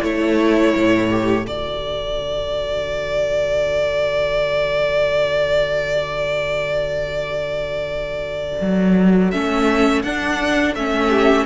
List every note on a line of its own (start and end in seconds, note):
0.00 0.74 A3
0.00 1.09 E4
0.00 11.07 A4
0.00 1.46 C#5
0.76 1.46 A2
1.10 1.46 G4
1.46 8.60 D3
1.46 9.32 F#4
1.46 9.30 D5
8.61 9.32 F#3
9.30 10.03 A3
9.30 10.04 C#4
9.30 10.02 E5
10.02 10.75 D4
10.02 10.77 D4
10.02 10.74 F#5
10.75 11.46 A3
10.75 11.46 C#4
10.75 11.46 E5
11.09 11.45 G4